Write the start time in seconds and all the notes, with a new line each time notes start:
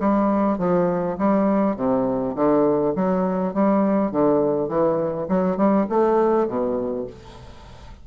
0.00 G3
0.59 F3
1.18 G3
1.76 C3
2.35 D3
2.95 F#3
3.54 G3
4.12 D3
4.69 E3
5.29 F#3
5.57 G3
5.90 A3
6.48 B2